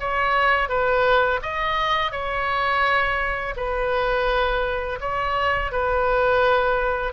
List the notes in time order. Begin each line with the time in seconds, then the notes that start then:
0.00 C#5
0.69 B4
1.42 D#5
2.12 C#5
3.56 B4
5.00 C#5
5.71 B4